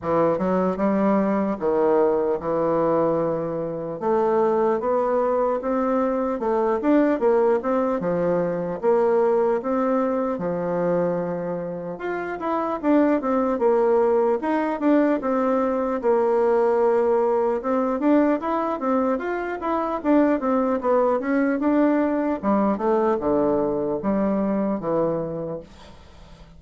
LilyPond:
\new Staff \with { instrumentName = "bassoon" } { \time 4/4 \tempo 4 = 75 e8 fis8 g4 dis4 e4~ | e4 a4 b4 c'4 | a8 d'8 ais8 c'8 f4 ais4 | c'4 f2 f'8 e'8 |
d'8 c'8 ais4 dis'8 d'8 c'4 | ais2 c'8 d'8 e'8 c'8 | f'8 e'8 d'8 c'8 b8 cis'8 d'4 | g8 a8 d4 g4 e4 | }